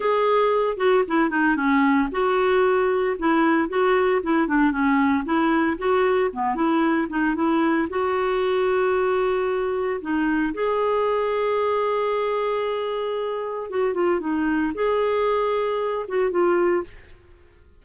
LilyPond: \new Staff \with { instrumentName = "clarinet" } { \time 4/4 \tempo 4 = 114 gis'4. fis'8 e'8 dis'8 cis'4 | fis'2 e'4 fis'4 | e'8 d'8 cis'4 e'4 fis'4 | b8 e'4 dis'8 e'4 fis'4~ |
fis'2. dis'4 | gis'1~ | gis'2 fis'8 f'8 dis'4 | gis'2~ gis'8 fis'8 f'4 | }